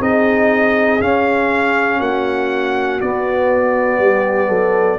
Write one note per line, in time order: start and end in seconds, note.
0.00 1.00 C4
0.00 1.01 D#4
0.00 2.00 G#4
0.00 1.02 D#5
1.00 2.00 C#4
1.00 3.01 C#4
1.00 2.01 F5
2.00 3.01 A#3
2.00 4.00 F#4
2.00 3.01 F#5
3.01 5.00 B3
3.01 3.99 B3
3.01 5.00 D5
3.99 4.49 G3
3.99 4.49 G4
4.49 4.99 F#3
4.49 4.99 A4